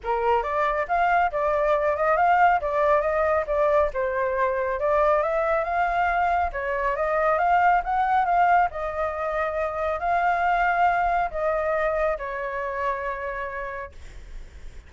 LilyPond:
\new Staff \with { instrumentName = "flute" } { \time 4/4 \tempo 4 = 138 ais'4 d''4 f''4 d''4~ | d''8 dis''8 f''4 d''4 dis''4 | d''4 c''2 d''4 | e''4 f''2 cis''4 |
dis''4 f''4 fis''4 f''4 | dis''2. f''4~ | f''2 dis''2 | cis''1 | }